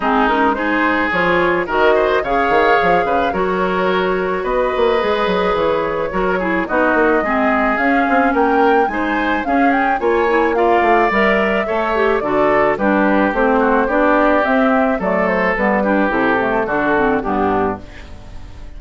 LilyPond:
<<
  \new Staff \with { instrumentName = "flute" } { \time 4/4 \tempo 4 = 108 gis'8 ais'8 c''4 cis''4 dis''4 | f''2 cis''2 | dis''2 cis''2 | dis''2 f''4 g''4 |
gis''4 f''8 g''8 gis''4 f''4 | e''2 d''4 b'4 | c''4 d''4 e''4 d''8 c''8 | b'4 a'2 g'4 | }
  \new Staff \with { instrumentName = "oboe" } { \time 4/4 dis'4 gis'2 ais'8 c''8 | cis''4. b'8 ais'2 | b'2. ais'8 gis'8 | fis'4 gis'2 ais'4 |
c''4 gis'4 cis''4 d''4~ | d''4 cis''4 a'4 g'4~ | g'8 fis'8 g'2 a'4~ | a'8 g'4. fis'4 d'4 | }
  \new Staff \with { instrumentName = "clarinet" } { \time 4/4 c'8 cis'8 dis'4 f'4 fis'4 | gis'2 fis'2~ | fis'4 gis'2 fis'8 e'8 | dis'4 c'4 cis'2 |
dis'4 cis'4 f'8 e'8 f'4 | ais'4 a'8 g'8 fis'4 d'4 | c'4 d'4 c'4 a4 | b8 d'8 e'8 a8 d'8 c'8 b4 | }
  \new Staff \with { instrumentName = "bassoon" } { \time 4/4 gis2 f4 dis4 | cis8 dis8 f8 cis8 fis2 | b8 ais8 gis8 fis8 e4 fis4 | b8 ais8 gis4 cis'8 c'8 ais4 |
gis4 cis'4 ais4. a8 | g4 a4 d4 g4 | a4 b4 c'4 fis4 | g4 c4 d4 g,4 | }
>>